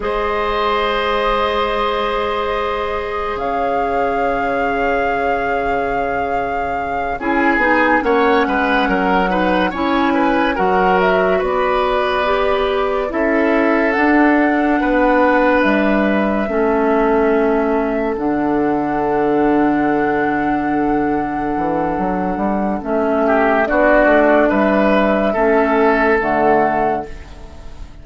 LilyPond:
<<
  \new Staff \with { instrumentName = "flute" } { \time 4/4 \tempo 4 = 71 dis''1 | f''1~ | f''8 gis''4 fis''2 gis''8~ | gis''8 fis''8 e''8 d''2 e''8~ |
e''8 fis''2 e''4.~ | e''4. fis''2~ fis''8~ | fis''2. e''4 | d''4 e''2 fis''4 | }
  \new Staff \with { instrumentName = "oboe" } { \time 4/4 c''1 | cis''1~ | cis''8 gis'4 cis''8 b'8 ais'8 b'8 cis''8 | b'8 ais'4 b'2 a'8~ |
a'4. b'2 a'8~ | a'1~ | a'2.~ a'8 g'8 | fis'4 b'4 a'2 | }
  \new Staff \with { instrumentName = "clarinet" } { \time 4/4 gis'1~ | gis'1~ | gis'8 e'8 dis'8 cis'4. dis'8 e'8~ | e'8 fis'2 g'4 e'8~ |
e'8 d'2. cis'8~ | cis'4. d'2~ d'8~ | d'2. cis'4 | d'2 cis'4 a4 | }
  \new Staff \with { instrumentName = "bassoon" } { \time 4/4 gis1 | cis1~ | cis8 cis'8 b8 ais8 gis8 fis4 cis'8~ | cis'8 fis4 b2 cis'8~ |
cis'8 d'4 b4 g4 a8~ | a4. d2~ d8~ | d4. e8 fis8 g8 a4 | b8 a8 g4 a4 d4 | }
>>